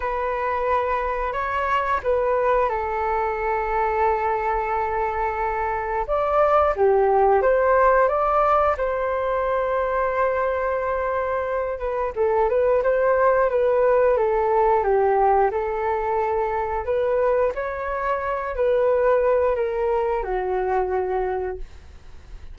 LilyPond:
\new Staff \with { instrumentName = "flute" } { \time 4/4 \tempo 4 = 89 b'2 cis''4 b'4 | a'1~ | a'4 d''4 g'4 c''4 | d''4 c''2.~ |
c''4. b'8 a'8 b'8 c''4 | b'4 a'4 g'4 a'4~ | a'4 b'4 cis''4. b'8~ | b'4 ais'4 fis'2 | }